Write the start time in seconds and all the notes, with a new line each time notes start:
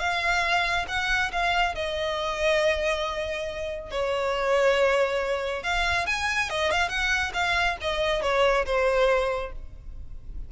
0.00 F5
0.88 F#5
1.33 F5
1.75 D#5
3.91 C#5
5.64 F5
6.07 G#5
6.50 D#5
6.72 F5
6.89 F#5
7.34 F5
7.82 D#5
8.23 C#5
8.66 C5